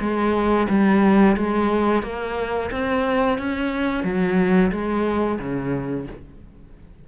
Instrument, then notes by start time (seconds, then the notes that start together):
cello
0.00 G#3
0.69 G3
1.37 G#3
2.03 A#3
2.71 C4
3.38 C#4
4.04 F#3
4.71 G#3
5.39 C#3